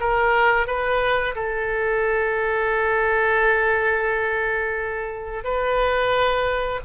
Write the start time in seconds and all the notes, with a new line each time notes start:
0.00 A#4
0.66 B4
1.35 A4
5.44 B4